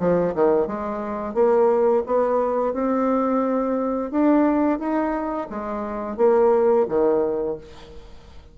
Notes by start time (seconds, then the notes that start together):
0.00 F3
0.35 D#3
0.67 G#3
1.34 A#3
2.07 B3
2.74 C4
4.11 D4
4.79 D#4
5.50 G#3
6.18 A#3
6.89 D#3